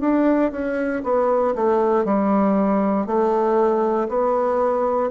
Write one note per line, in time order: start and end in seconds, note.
0.00 0.51 D4
0.51 1.02 C#4
1.03 1.54 B3
1.55 2.04 A3
2.04 3.06 G3
3.06 4.08 A3
4.08 5.10 B3